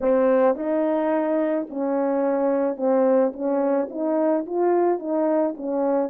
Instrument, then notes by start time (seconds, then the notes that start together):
horn
0.01 C4
0.55 D#4
1.69 C#4
2.76 C4
3.33 C#4
3.90 D#4
4.45 F4
4.99 D#4
5.56 C#4